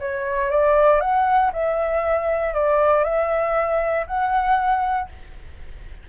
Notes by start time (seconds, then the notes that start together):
0.00 C#5
0.51 D5
1.01 F#5
1.53 E5
2.55 D5
3.05 E5
4.07 F#5